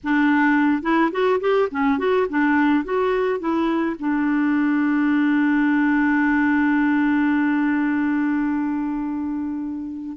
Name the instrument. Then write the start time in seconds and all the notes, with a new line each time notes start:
clarinet
0.03 D4
0.82 E4
1.11 F#4
1.40 G4
1.71 C#4
1.98 F#4
2.29 D4
2.84 F#4
3.39 E4
3.99 D4